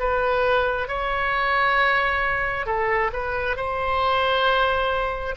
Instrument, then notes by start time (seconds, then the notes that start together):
oboe
0.00 B4
0.89 C#5
2.67 A4
3.13 B4
3.57 C5